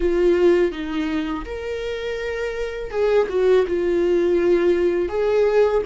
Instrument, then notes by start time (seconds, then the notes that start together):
viola
0.00 F4
0.71 D#4
1.45 A#4
2.90 G#4
3.29 F#4
3.67 F4
5.09 G#4